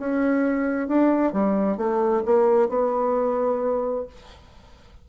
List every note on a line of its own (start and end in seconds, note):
0.00 0.88 C#4
0.88 1.33 D4
1.33 1.77 G3
1.77 2.23 A3
2.25 2.69 A#3
2.69 4.06 B3